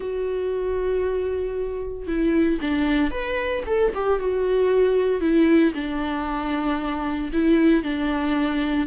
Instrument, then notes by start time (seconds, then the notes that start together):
viola
0.00 F#4
2.07 E4
2.61 D4
3.10 B4
3.66 A4
3.95 G4
4.19 F#4
5.20 E4
5.74 D4
7.32 E4
7.83 D4